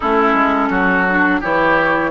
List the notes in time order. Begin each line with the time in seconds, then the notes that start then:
0.00 A3 C#4 E4 A4
0.34 G#3
0.69 F#3 F#4
1.09 D4
1.40 E3 E4 G4 C#5